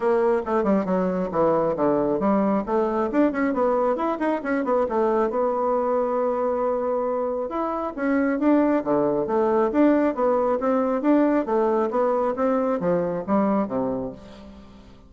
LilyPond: \new Staff \with { instrumentName = "bassoon" } { \time 4/4 \tempo 4 = 136 ais4 a8 g8 fis4 e4 | d4 g4 a4 d'8 cis'8 | b4 e'8 dis'8 cis'8 b8 a4 | b1~ |
b4 e'4 cis'4 d'4 | d4 a4 d'4 b4 | c'4 d'4 a4 b4 | c'4 f4 g4 c4 | }